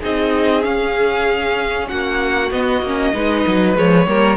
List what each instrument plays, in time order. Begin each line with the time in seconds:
0.00 cello C4, viola D#4, violin G#4 D#5
0.63 viola C#4, cello C#4, violin F5
1.88 cello A#3, violin F#4 F#5
2.51 cello B3, viola B3, violin D#5
2.82 cello A#3, viola C#4
3.14 cello G#3, viola D#4, violin B4
3.47 cello F#3
3.74 cello F3, viola G#3, violin C#5
4.06 cello G3, viola A#3, violin A#4